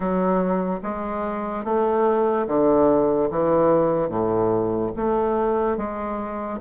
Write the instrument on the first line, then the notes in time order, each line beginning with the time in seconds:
bassoon
0.00 F#3
0.82 G#3
1.64 A3
2.47 D3
3.30 E3
4.08 A2
4.96 A3
5.77 G#3